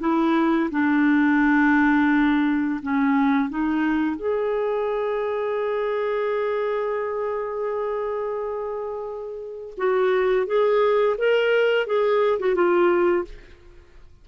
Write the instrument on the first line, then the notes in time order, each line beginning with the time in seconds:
clarinet
0.00 E4
0.71 D4
2.82 C#4
3.49 D#4
4.16 G#4
9.77 F#4
10.47 G#4
11.18 A#4
11.86 G#4
12.39 F#4
12.55 F4